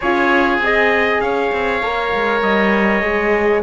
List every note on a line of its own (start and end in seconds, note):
0.00 0.58 C#4
0.00 0.63 F4
0.00 1.22 G#4
0.00 0.59 C#5
0.58 1.19 C4
0.58 1.82 G#4
0.58 1.21 D#5
1.20 1.51 C#4
1.20 3.62 C#5
1.20 2.42 F5
1.52 1.82 C4
1.82 2.13 A#3
1.82 3.01 A#4
2.14 2.42 G#3
2.42 3.02 G3
2.42 3.62 D#5
3.01 3.62 G#3
3.01 3.62 G#4